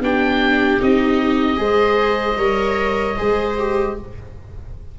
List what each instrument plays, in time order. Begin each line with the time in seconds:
0.00 tuba B3, viola D4 G4, oboe G5
0.81 tuba C4, viola D#4, oboe D#5
1.57 tuba G#3, viola G#4 C5
2.38 tuba G3, viola A#4 C#5
3.17 tuba G#3, viola G#4 C5
3.59 viola G4